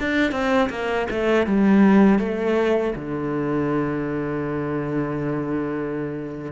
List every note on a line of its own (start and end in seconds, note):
0.00 0.32 D4
0.32 0.70 C4
0.70 1.07 A#3
1.11 1.47 A3
1.47 2.20 G3
2.20 2.95 A3
2.96 6.52 D3